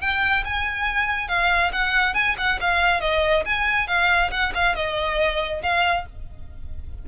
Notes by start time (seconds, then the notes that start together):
0.00 G5
0.44 G#5
1.28 F5
1.72 F#5
2.14 G#5
2.38 F#5
2.60 F5
3.00 D#5
3.45 G#5
3.87 F5
4.30 F#5
4.54 F5
4.75 D#5
5.62 F5